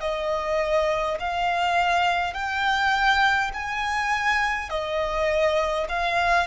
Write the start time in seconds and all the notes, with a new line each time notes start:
0.00 D#5
1.20 F5
2.34 G5
3.53 G#5
4.70 D#5
5.89 F5